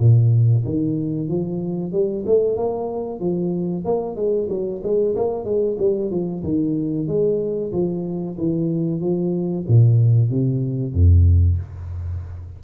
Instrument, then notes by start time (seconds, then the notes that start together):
tuba
0.00 A#2
0.65 D#3
1.28 F3
1.93 G3
2.27 A3
2.57 A#3
3.21 F3
3.85 A#3
4.16 G#3
4.50 F#3
4.84 G#3
5.16 A#3
5.45 G#3
5.79 G3
6.11 F3
6.44 D#3
7.08 G#3
7.72 F3
8.38 E3
9.01 F3
9.68 A#2
10.31 C3
10.94 F2